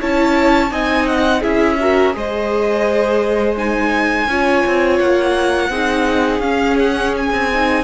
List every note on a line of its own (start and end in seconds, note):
0.00 0.71 C#4
0.00 0.70 E4
0.00 0.71 C#5
0.00 0.73 A5
0.70 1.43 C4
0.70 1.41 D#4
0.70 1.40 D#5
0.70 1.07 G#5
1.07 1.42 F#5
1.40 2.15 C#4
1.40 1.78 E4
1.40 1.76 G#4
1.40 2.14 E5
1.79 2.12 F#4
1.79 2.16 A#4
2.12 4.27 G#3
2.12 3.55 G#4
2.12 4.30 C5
2.12 3.57 D#5
3.57 4.28 D#4
3.57 4.99 G#5
4.27 4.63 C#4
4.27 5.71 F4
4.27 5.69 C#5
4.66 4.99 C4
4.99 5.69 A#3
4.99 6.40 F#5
5.69 6.39 C4
5.69 6.43 D#4
5.69 7.83 G#4
6.39 7.28 C#4
6.39 7.50 C#4
6.39 6.76 F5
6.79 7.15 F#5
7.17 7.84 G#5
7.32 7.84 C4
7.54 7.84 D#4